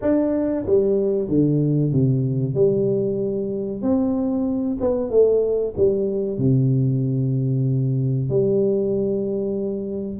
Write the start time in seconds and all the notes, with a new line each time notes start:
0.01 D4
0.66 G3
1.28 D3
1.92 C3
2.54 G3
3.82 C4
4.80 B3
5.10 A3
5.76 G3
6.38 C3
8.29 G3